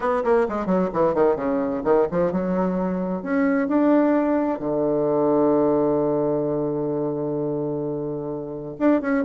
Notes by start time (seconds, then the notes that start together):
0.00 B3
0.24 A#3
0.48 G#3
0.66 F#3
0.93 E3
1.14 D#3
1.36 C#3
1.83 D#3
2.11 F3
2.32 F#3
3.22 C#4
3.68 D4
4.59 D3
8.79 D4
9.01 C#4